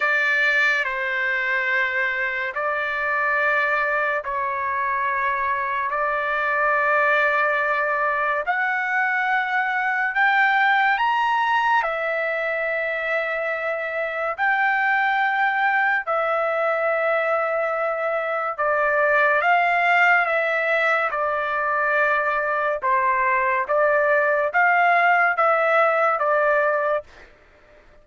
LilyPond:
\new Staff \with { instrumentName = "trumpet" } { \time 4/4 \tempo 4 = 71 d''4 c''2 d''4~ | d''4 cis''2 d''4~ | d''2 fis''2 | g''4 ais''4 e''2~ |
e''4 g''2 e''4~ | e''2 d''4 f''4 | e''4 d''2 c''4 | d''4 f''4 e''4 d''4 | }